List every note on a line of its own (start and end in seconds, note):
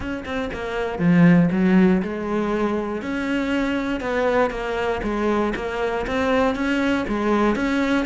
0.00 0.24 C#4
0.25 0.50 C4
0.53 0.99 A#3
0.99 1.49 F3
1.51 2.02 F#3
2.02 3.01 G#3
3.01 4.00 C#4
4.00 4.50 B3
4.50 5.01 A#3
5.03 5.53 G#3
5.55 6.06 A#3
6.06 6.55 C4
6.55 7.05 C#4
7.07 7.55 G#3
7.55 8.05 C#4